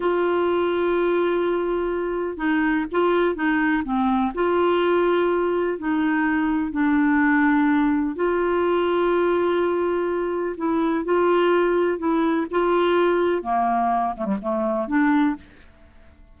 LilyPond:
\new Staff \with { instrumentName = "clarinet" } { \time 4/4 \tempo 4 = 125 f'1~ | f'4 dis'4 f'4 dis'4 | c'4 f'2. | dis'2 d'2~ |
d'4 f'2.~ | f'2 e'4 f'4~ | f'4 e'4 f'2 | ais4. a16 g16 a4 d'4 | }